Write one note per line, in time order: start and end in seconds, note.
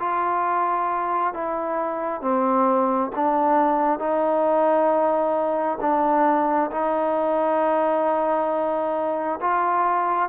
0.00 1.34 F4
1.34 2.21 E4
2.21 3.11 C4
3.16 4.00 D4
4.00 5.79 D#4
5.81 6.71 D4
6.71 9.40 D#4
9.41 10.29 F4